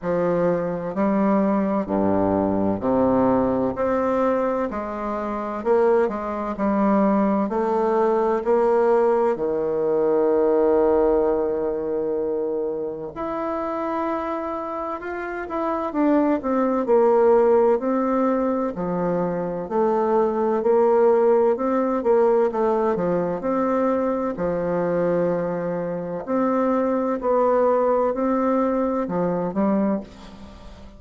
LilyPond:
\new Staff \with { instrumentName = "bassoon" } { \time 4/4 \tempo 4 = 64 f4 g4 g,4 c4 | c'4 gis4 ais8 gis8 g4 | a4 ais4 dis2~ | dis2 e'2 |
f'8 e'8 d'8 c'8 ais4 c'4 | f4 a4 ais4 c'8 ais8 | a8 f8 c'4 f2 | c'4 b4 c'4 f8 g8 | }